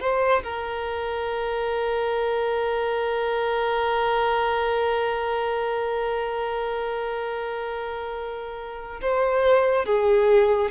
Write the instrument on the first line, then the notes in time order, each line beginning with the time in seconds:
violin
0.00 C5
0.43 A#4
9.01 C5
9.85 G#4